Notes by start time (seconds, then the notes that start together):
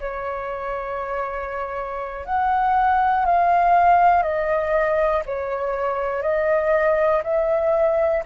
0.00 C#5
2.25 F#5
3.25 F5
4.22 D#5
5.25 C#5
6.22 D#5
7.23 E5